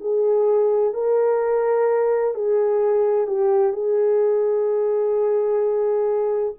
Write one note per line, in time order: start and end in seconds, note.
0.00 0.94 G#4
0.94 2.34 A#4
2.34 3.27 G#4
3.27 3.73 G4
3.73 6.54 G#4